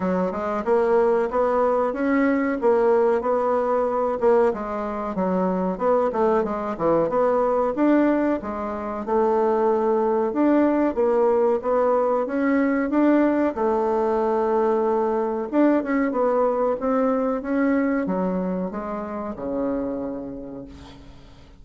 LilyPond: \new Staff \with { instrumentName = "bassoon" } { \time 4/4 \tempo 4 = 93 fis8 gis8 ais4 b4 cis'4 | ais4 b4. ais8 gis4 | fis4 b8 a8 gis8 e8 b4 | d'4 gis4 a2 |
d'4 ais4 b4 cis'4 | d'4 a2. | d'8 cis'8 b4 c'4 cis'4 | fis4 gis4 cis2 | }